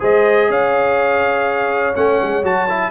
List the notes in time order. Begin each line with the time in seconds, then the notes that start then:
0.00 G#3 G#4 C5 D#5
0.49 C#4 C#5 F5
1.94 A3 C#4 F#5
2.22 G#3
2.43 F#3 F#4 A5
2.69 E4